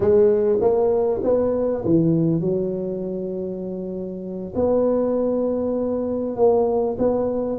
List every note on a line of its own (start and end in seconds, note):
0.00 0.58 G#3
0.60 1.21 A#3
1.23 1.84 B3
1.84 2.40 E3
2.40 4.53 F#3
4.55 6.36 B3
6.36 6.96 A#3
6.98 7.58 B3